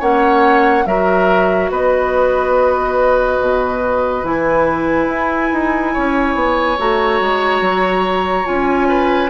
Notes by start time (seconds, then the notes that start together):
0.00 A#3 C#4 C#5 F#5
0.86 F#3 F#4 A#4 E5
1.71 B3 B4 D#5
3.41 B2
4.24 E3 E4 G#5
5.08 E4
5.53 D#4
5.94 C#4 C#5
6.35 B3
6.79 A3 F#4 A#5
7.21 G#3
7.61 F#3
8.45 C#4 F4 G#5
8.89 B4